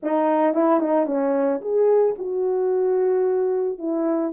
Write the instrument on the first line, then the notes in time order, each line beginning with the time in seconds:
horn
0.02 D#4
0.54 E4
0.80 D#4
1.06 C#4
1.61 G#4
2.18 F#4
3.78 E4